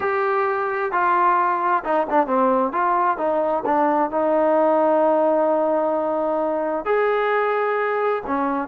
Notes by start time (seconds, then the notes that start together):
0.00 G4
0.91 F4
1.84 D#4
2.09 D4
2.26 C4
2.72 F4
3.17 D#4
3.65 D4
4.10 D#4
6.85 G#4
8.26 C#4